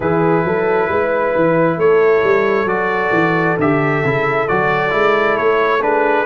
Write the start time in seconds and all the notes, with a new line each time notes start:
0.00 E3 E4 G#4 B4
0.44 F#3 A4
0.88 G#3 B4
1.35 E3
1.77 A3 A4 C#5
2.23 G3
2.65 F#3 F#4 D5
3.12 E3
3.58 D3 G4 E5
4.04 C#3 E4
4.48 F#3 F#4 D5
4.90 G#3 E4
5.37 A3 C#5
5.81 D4 G#4 B4